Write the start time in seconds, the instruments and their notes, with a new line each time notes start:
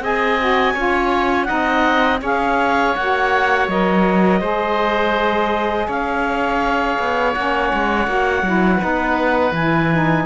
0.00 cello C4, saxophone G#4, oboe D#5, clarinet G#5
0.39 saxophone F#4
0.74 cello C#4, saxophone F4, oboe C#5
1.44 saxophone D#4, oboe D#5, clarinet F#5
1.51 cello C4
2.21 cello C#4, saxophone G#4, oboe C#5, clarinet F5
2.95 cello A#3, saxophone F#4, clarinet F#5
3.68 cello F#3, saxophone A#4, clarinet D#5
4.40 cello G#3, saxophone G#4, oboe C5
5.87 cello C#4, oboe C#5, clarinet F5
6.99 cello B3
7.34 cello A#3, saxophone C#4, clarinet F#5
7.73 cello G#3
8.07 cello A#3, saxophone F#4
8.42 cello F#3, saxophone E4
8.76 saxophone D#4, oboe B4
8.84 cello B3
9.51 cello E3, saxophone E4, clarinet G#5
9.93 saxophone D#4